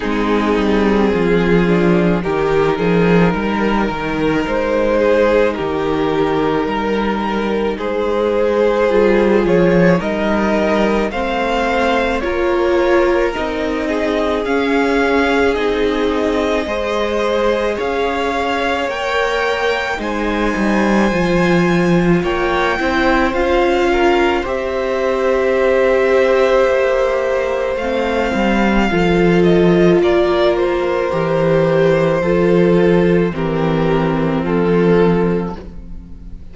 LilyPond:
<<
  \new Staff \with { instrumentName = "violin" } { \time 4/4 \tempo 4 = 54 gis'2 ais'2 | c''4 ais'2 c''4~ | c''8 cis''8 dis''4 f''4 cis''4 | dis''4 f''4 dis''2 |
f''4 g''4 gis''2 | g''4 f''4 e''2~ | e''4 f''4. dis''8 d''8 c''8~ | c''2 ais'4 a'4 | }
  \new Staff \with { instrumentName = "violin" } { \time 4/4 dis'4 f'4 g'8 gis'8 ais'4~ | ais'8 gis'8 g'4 ais'4 gis'4~ | gis'4 ais'4 c''4 ais'4~ | ais'8 gis'2~ gis'8 c''4 |
cis''2 c''2 | cis''8 c''4 ais'8 c''2~ | c''2 a'4 ais'4~ | ais'4 a'4 g'4 f'4 | }
  \new Staff \with { instrumentName = "viola" } { \time 4/4 c'4. d'8 dis'2~ | dis'1 | f'4 dis'4 c'4 f'4 | dis'4 cis'4 dis'4 gis'4~ |
gis'4 ais'4 dis'4 f'4~ | f'8 e'8 f'4 g'2~ | g'4 c'4 f'2 | g'4 f'4 c'2 | }
  \new Staff \with { instrumentName = "cello" } { \time 4/4 gis8 g8 f4 dis8 f8 g8 dis8 | gis4 dis4 g4 gis4 | g8 f8 g4 a4 ais4 | c'4 cis'4 c'4 gis4 |
cis'4 ais4 gis8 g8 f4 | ais8 c'8 cis'4 c'2 | ais4 a8 g8 f4 ais4 | e4 f4 e4 f4 | }
>>